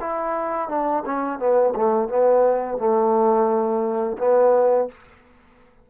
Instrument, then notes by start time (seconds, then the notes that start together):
trombone
0.00 E4
0.69 D4
1.06 C#4
1.39 B3
1.75 A3
2.09 B3
2.78 A3
4.18 B3